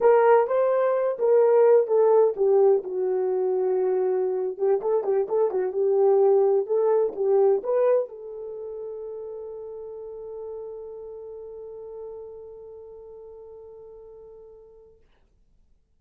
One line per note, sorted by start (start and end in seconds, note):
0.00 0.47 A#4
0.47 1.17 C5
1.18 1.87 A#4
1.87 2.34 A4
2.36 2.83 G4
2.83 4.57 F#4
4.57 4.80 G4
4.81 5.03 A4
5.03 5.27 G4
5.28 5.51 A4
5.51 5.72 F#4
5.72 6.66 G4
6.66 7.13 A4
7.15 7.62 G4
7.63 8.09 B4
8.09 15.00 A4